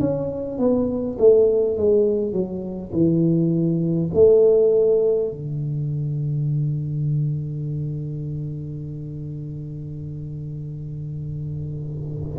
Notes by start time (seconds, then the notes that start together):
0.00 C#4
0.59 B3
1.19 A3
1.77 G#3
2.33 F#3
2.93 E3
4.14 A3
5.32 D3